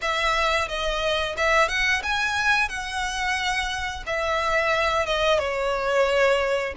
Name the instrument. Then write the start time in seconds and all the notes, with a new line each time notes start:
violin
0.01 E5
0.68 D#5
1.37 E5
1.68 F#5
2.02 G#5
2.68 F#5
4.06 E5
5.06 D#5
5.38 C#5